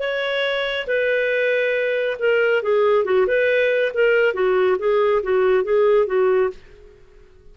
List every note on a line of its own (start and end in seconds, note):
0.00 0.87 C#5
0.88 2.18 B4
2.20 2.63 A#4
2.63 3.05 G#4
3.05 3.27 F#4
3.27 3.93 B4
3.94 4.34 A#4
4.34 4.78 F#4
4.79 5.23 G#4
5.23 5.64 F#4
5.64 6.07 G#4
6.07 6.51 F#4